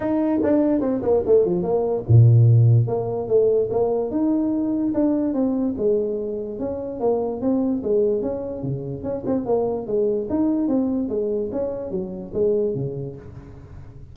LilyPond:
\new Staff \with { instrumentName = "tuba" } { \time 4/4 \tempo 4 = 146 dis'4 d'4 c'8 ais8 a8 f8 | ais4 ais,2 ais4 | a4 ais4 dis'2 | d'4 c'4 gis2 |
cis'4 ais4 c'4 gis4 | cis'4 cis4 cis'8 c'8 ais4 | gis4 dis'4 c'4 gis4 | cis'4 fis4 gis4 cis4 | }